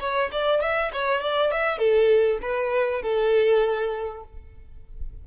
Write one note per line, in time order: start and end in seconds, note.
0.00 0.30 C#5
0.32 0.61 D5
0.61 0.91 E5
0.93 1.21 C#5
1.21 1.52 D5
1.52 1.79 E5
1.79 2.39 A4
2.42 3.02 B4
3.02 4.24 A4